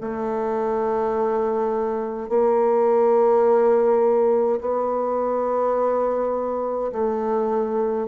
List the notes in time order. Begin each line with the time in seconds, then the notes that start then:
0.00 A3
2.29 A#3
4.60 B3
6.92 A3